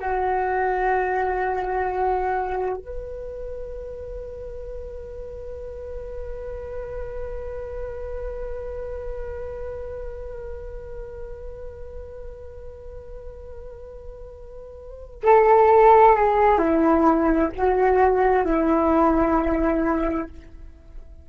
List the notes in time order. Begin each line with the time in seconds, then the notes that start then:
0.00 F#4
2.77 B4
15.23 A4
16.16 G#4
16.59 E4
17.56 F#4
18.45 E4